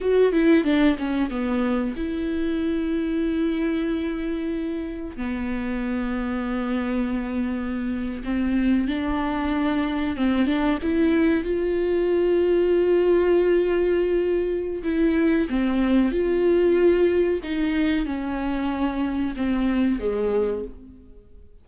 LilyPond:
\new Staff \with { instrumentName = "viola" } { \time 4/4 \tempo 4 = 93 fis'8 e'8 d'8 cis'8 b4 e'4~ | e'1 | b1~ | b8. c'4 d'2 c'16~ |
c'16 d'8 e'4 f'2~ f'16~ | f'2. e'4 | c'4 f'2 dis'4 | cis'2 c'4 gis4 | }